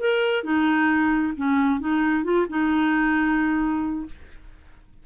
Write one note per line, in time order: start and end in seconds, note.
0.00 0.44 A#4
0.44 1.34 D#4
1.37 1.80 C#4
1.80 2.24 D#4
2.24 2.47 F4
2.50 4.06 D#4